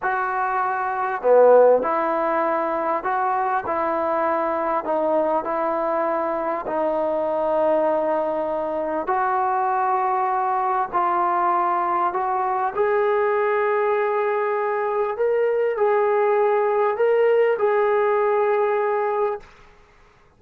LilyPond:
\new Staff \with { instrumentName = "trombone" } { \time 4/4 \tempo 4 = 99 fis'2 b4 e'4~ | e'4 fis'4 e'2 | dis'4 e'2 dis'4~ | dis'2. fis'4~ |
fis'2 f'2 | fis'4 gis'2.~ | gis'4 ais'4 gis'2 | ais'4 gis'2. | }